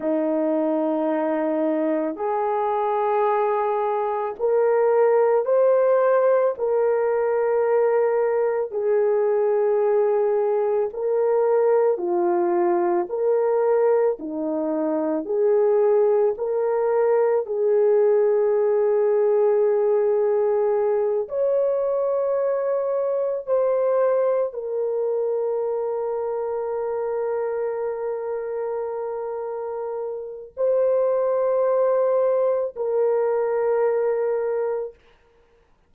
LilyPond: \new Staff \with { instrumentName = "horn" } { \time 4/4 \tempo 4 = 55 dis'2 gis'2 | ais'4 c''4 ais'2 | gis'2 ais'4 f'4 | ais'4 dis'4 gis'4 ais'4 |
gis'2.~ gis'8 cis''8~ | cis''4. c''4 ais'4.~ | ais'1 | c''2 ais'2 | }